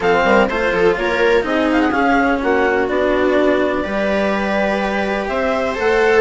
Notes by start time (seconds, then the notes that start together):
0.00 F3 C4 A4 F5
0.24 G3 A#4
0.48 A3 F4 C5
0.72 F3 A4
0.97 A#3 A#4 C#5
1.41 C4 D#4 G#4 D#5
1.71 F5
1.81 F#5
1.90 C#4 F5
2.42 A#3 F#4 F#5
2.88 B3 D4 D5
3.83 G3 G4 B4
5.27 C4 C5 E5
5.74 A3 A4 F#5